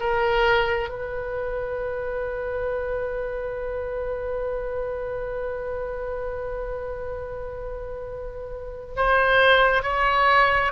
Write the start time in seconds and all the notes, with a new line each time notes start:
0.00 A#4
0.90 B4
8.97 C5
9.83 C#5